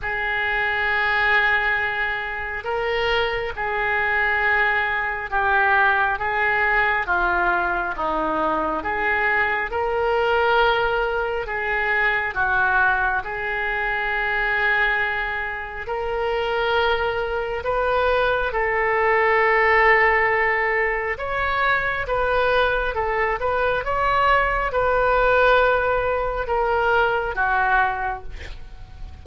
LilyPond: \new Staff \with { instrumentName = "oboe" } { \time 4/4 \tempo 4 = 68 gis'2. ais'4 | gis'2 g'4 gis'4 | f'4 dis'4 gis'4 ais'4~ | ais'4 gis'4 fis'4 gis'4~ |
gis'2 ais'2 | b'4 a'2. | cis''4 b'4 a'8 b'8 cis''4 | b'2 ais'4 fis'4 | }